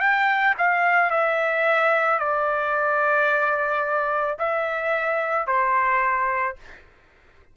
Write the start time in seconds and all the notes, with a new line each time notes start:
0.00 G5
0.59 F5
1.11 E5
2.19 D5
4.39 E5
5.47 C5